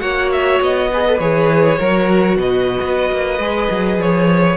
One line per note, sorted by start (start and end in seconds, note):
0.00 0.60 A#3
0.00 0.88 F#4
0.00 0.90 C#5
0.00 0.30 F#5
0.32 0.61 E5
0.61 1.19 B3
0.61 1.19 D#5
0.93 1.05 G#4
0.93 1.79 B4
1.05 1.20 A4
1.19 1.78 E3
1.19 1.77 G#4
1.19 2.37 C#5
1.77 2.37 F#3
1.77 3.39 F#4
1.77 2.37 A#4
2.37 2.81 B2
2.37 4.57 B4
2.37 4.01 D#5
2.82 3.11 B3
3.12 3.39 A#3
3.39 3.68 G#3
3.39 4.57 G#4
3.70 3.98 F#3
3.98 4.56 F3
3.98 4.57 C#5